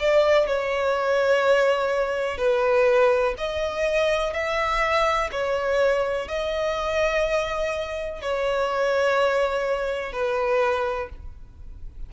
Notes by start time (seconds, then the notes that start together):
0.00 D5
0.47 C#5
2.38 B4
3.38 D#5
4.34 E5
5.32 C#5
6.28 D#5
8.22 C#5
10.13 B4